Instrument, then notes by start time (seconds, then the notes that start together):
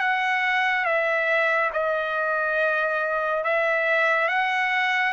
trumpet
0.00 F#5
0.85 E5
1.73 D#5
3.44 E5
4.29 F#5